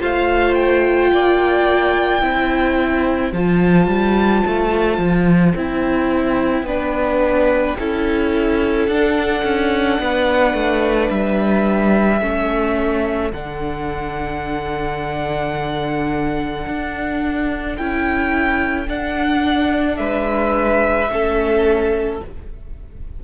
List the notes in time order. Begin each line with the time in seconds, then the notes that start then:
0.00 A3 F4 C5 F5
0.54 G5
1.12 A#3 D5
2.21 C4 E4 C5
3.32 F3 F4 A5
3.87 G3
4.46 A3
4.98 F3
5.55 C4 E4 G5
6.62 B3 D4 B4
7.79 C#4 E4 A4
8.87 D4 F#5
9.44 C#4
10.00 B3 B4
10.54 A3
11.10 G3 E5
12.21 A3 C#4 A4
13.31 D3 D4 F#5
16.67 D4
17.77 C#4 E4 G5
18.87 D4 F#5
19.97 G#3 B4 E5
21.09 A3 C#4 A4